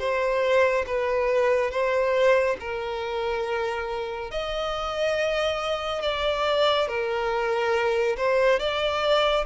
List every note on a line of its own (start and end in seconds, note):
0.00 0.86 C5
0.87 1.71 B4
1.71 2.57 C5
2.60 4.31 A#4
4.31 6.03 D#5
6.03 6.88 D5
6.88 8.17 A#4
8.17 8.59 C5
8.59 9.45 D5